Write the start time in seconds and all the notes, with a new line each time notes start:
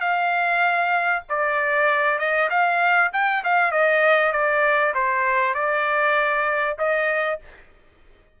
0.00 F5
1.29 D5
2.18 D#5
2.49 F5
3.13 G5
3.43 F5
3.71 D#5
4.32 D5
4.94 C5
5.54 D5
6.78 D#5